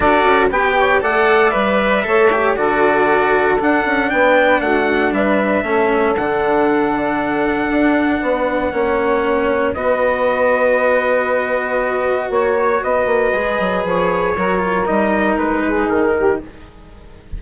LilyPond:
<<
  \new Staff \with { instrumentName = "trumpet" } { \time 4/4 \tempo 4 = 117 d''4 g''4 fis''4 e''4~ | e''4 d''2 fis''4 | g''4 fis''4 e''2 | fis''1~ |
fis''2. dis''4~ | dis''1 | cis''4 dis''2 cis''4~ | cis''4 dis''4 b'4 ais'4 | }
  \new Staff \with { instrumentName = "saxophone" } { \time 4/4 a'4 b'8 cis''8 d''2 | cis''4 a'2. | b'4 fis'4 b'4 a'4~ | a'1 |
b'4 cis''2 b'4~ | b'1 | cis''4 b'2. | ais'2~ ais'8 gis'4 g'8 | }
  \new Staff \with { instrumentName = "cello" } { \time 4/4 fis'4 g'4 a'4 b'4 | a'8 g'8 fis'2 d'4~ | d'2. cis'4 | d'1~ |
d'4 cis'2 fis'4~ | fis'1~ | fis'2 gis'2 | fis'8 f'8 dis'2. | }
  \new Staff \with { instrumentName = "bassoon" } { \time 4/4 d'8 cis'8 b4 a4 g4 | a4 d2 d'8 cis'8 | b4 a4 g4 a4 | d2. d'4 |
b4 ais2 b4~ | b1 | ais4 b8 ais8 gis8 fis8 f4 | fis4 g4 gis4 dis4 | }
>>